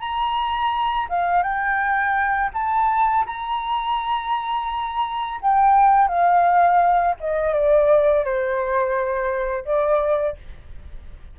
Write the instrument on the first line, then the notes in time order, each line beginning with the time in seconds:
flute
0.00 A#5
1.09 F5
1.43 G5
2.54 A5
3.26 A#5
5.41 G5
6.08 F5
7.20 D#5
7.53 D5
8.24 C5
9.65 D5